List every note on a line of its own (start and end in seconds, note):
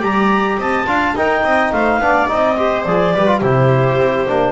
0.00 0.58 G3
0.00 0.85 G4
0.00 0.58 D5
0.00 0.60 A#5
0.58 0.87 C4
0.58 0.88 D#5
0.58 1.17 A5
0.87 1.15 D4
0.87 1.15 F4
0.87 1.16 F5
1.15 1.43 D#4
1.15 2.02 D#4
1.15 1.44 A#4
1.15 1.73 G5
1.44 1.72 C4
1.44 1.73 D#5
1.73 1.99 A3
1.73 2.02 C5
1.73 2.29 F5
1.99 2.27 B3
1.99 2.28 D4
1.99 2.58 D5
2.28 2.86 C4
2.28 2.57 D#4
2.28 2.83 D#5
2.57 2.85 G4
2.57 3.14 C5
2.83 3.15 F3
2.83 3.16 G#4
2.83 3.40 D5
3.14 3.42 G3
3.14 3.27 G4
3.14 3.40 B4
3.27 3.42 F4
3.40 3.98 C3
3.40 4.28 E4
3.40 4.52 G4
3.40 4.52 C5
3.98 4.27 C4
4.28 4.52 A#3
4.28 4.52 D4